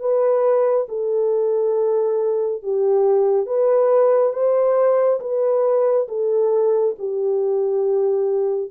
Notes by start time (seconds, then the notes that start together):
0.00 B4
0.89 A4
2.63 G4
3.47 B4
4.33 C5
5.21 B4
6.09 A4
6.99 G4